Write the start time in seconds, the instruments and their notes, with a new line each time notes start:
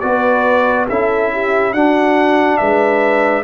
0.00 tuba B3, trombone F#4, horn B4, trumpet D5
0.89 tuba C#4, trombone E4, horn A4, trumpet E5
1.33 horn G4
1.73 tuba D4, trombone D4, horn F#4, trumpet F#5
2.57 tuba G#3, horn B4, trumpet E5